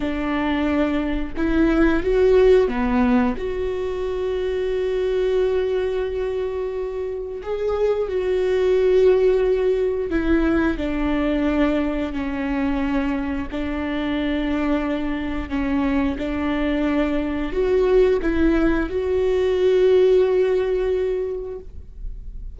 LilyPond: \new Staff \with { instrumentName = "viola" } { \time 4/4 \tempo 4 = 89 d'2 e'4 fis'4 | b4 fis'2.~ | fis'2. gis'4 | fis'2. e'4 |
d'2 cis'2 | d'2. cis'4 | d'2 fis'4 e'4 | fis'1 | }